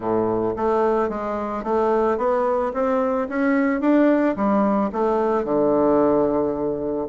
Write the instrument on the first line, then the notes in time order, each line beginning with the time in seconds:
bassoon
0.00 A2
0.56 A3
1.09 G#3
1.63 A3
2.17 B3
2.73 C4
3.29 C#4
3.81 D4
4.36 G3
4.92 A3
5.44 D3